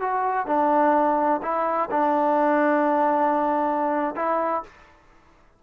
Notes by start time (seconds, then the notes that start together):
0.00 F#4
0.46 D4
1.42 E4
1.90 D4
4.15 E4